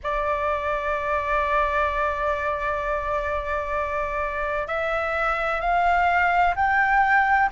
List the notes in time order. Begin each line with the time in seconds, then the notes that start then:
0.03 D5
4.67 E5
5.60 F5
6.55 G5